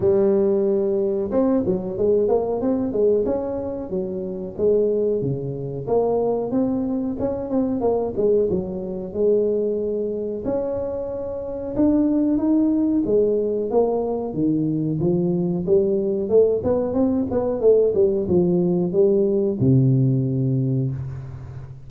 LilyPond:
\new Staff \with { instrumentName = "tuba" } { \time 4/4 \tempo 4 = 92 g2 c'8 fis8 gis8 ais8 | c'8 gis8 cis'4 fis4 gis4 | cis4 ais4 c'4 cis'8 c'8 | ais8 gis8 fis4 gis2 |
cis'2 d'4 dis'4 | gis4 ais4 dis4 f4 | g4 a8 b8 c'8 b8 a8 g8 | f4 g4 c2 | }